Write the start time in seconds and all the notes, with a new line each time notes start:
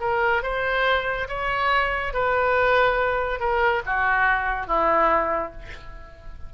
0.00 A#4
0.42 C5
1.28 C#5
2.13 B4
3.39 A#4
3.86 F#4
4.67 E4